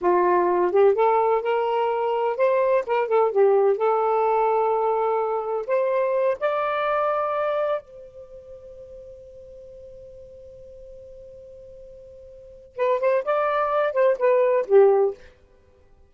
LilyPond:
\new Staff \with { instrumentName = "saxophone" } { \time 4/4 \tempo 4 = 127 f'4. g'8 a'4 ais'4~ | ais'4 c''4 ais'8 a'8 g'4 | a'1 | c''4. d''2~ d''8~ |
d''8 c''2.~ c''8~ | c''1~ | c''2. b'8 c''8 | d''4. c''8 b'4 g'4 | }